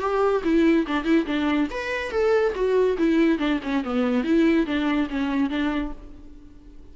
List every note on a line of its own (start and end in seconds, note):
0.00 0.42 G4
0.44 0.86 E4
0.87 1.04 D4
1.04 1.25 E4
1.26 1.68 D4
1.70 2.11 B4
2.11 2.53 A4
2.55 2.97 F#4
2.98 3.39 E4
3.39 3.60 D4
3.63 3.84 C#4
3.84 4.24 B3
4.24 4.66 E4
4.66 5.08 D4
5.10 5.50 C#4
5.50 5.92 D4